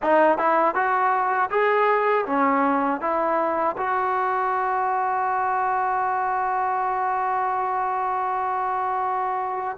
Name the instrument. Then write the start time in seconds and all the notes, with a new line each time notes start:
trombone
0.02 D#4
0.38 E4
0.74 F#4
1.50 G#4
2.25 C#4
3.00 E4
3.77 F#4